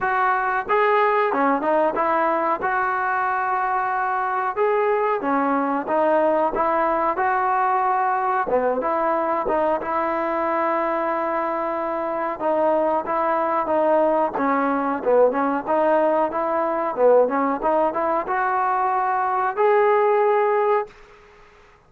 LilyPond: \new Staff \with { instrumentName = "trombone" } { \time 4/4 \tempo 4 = 92 fis'4 gis'4 cis'8 dis'8 e'4 | fis'2. gis'4 | cis'4 dis'4 e'4 fis'4~ | fis'4 b8 e'4 dis'8 e'4~ |
e'2. dis'4 | e'4 dis'4 cis'4 b8 cis'8 | dis'4 e'4 b8 cis'8 dis'8 e'8 | fis'2 gis'2 | }